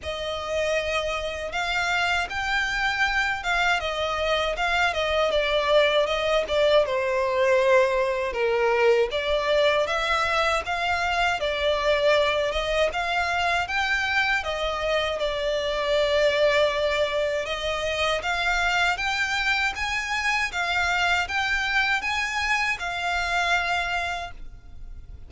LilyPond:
\new Staff \with { instrumentName = "violin" } { \time 4/4 \tempo 4 = 79 dis''2 f''4 g''4~ | g''8 f''8 dis''4 f''8 dis''8 d''4 | dis''8 d''8 c''2 ais'4 | d''4 e''4 f''4 d''4~ |
d''8 dis''8 f''4 g''4 dis''4 | d''2. dis''4 | f''4 g''4 gis''4 f''4 | g''4 gis''4 f''2 | }